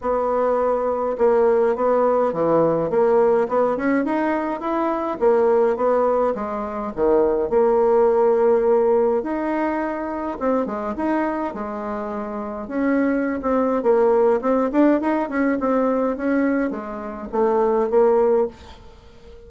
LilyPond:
\new Staff \with { instrumentName = "bassoon" } { \time 4/4 \tempo 4 = 104 b2 ais4 b4 | e4 ais4 b8 cis'8 dis'4 | e'4 ais4 b4 gis4 | dis4 ais2. |
dis'2 c'8 gis8 dis'4 | gis2 cis'4~ cis'16 c'8. | ais4 c'8 d'8 dis'8 cis'8 c'4 | cis'4 gis4 a4 ais4 | }